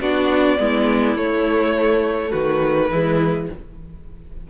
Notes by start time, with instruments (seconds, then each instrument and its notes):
0.00 cello B3, viola D4, violin F#4 D5
0.58 cello G#3, viola B3, violin E4
1.16 cello A3, viola A3, violin C#5
2.30 cello D#3, violin F#4 B4
2.90 cello E3, viola G#3, violin E4